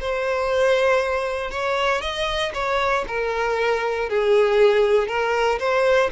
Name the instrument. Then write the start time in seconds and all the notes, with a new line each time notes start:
violin
0.00 C5
1.51 C#5
2.02 D#5
2.54 C#5
3.08 A#4
4.10 G#4
5.08 A#4
5.59 C5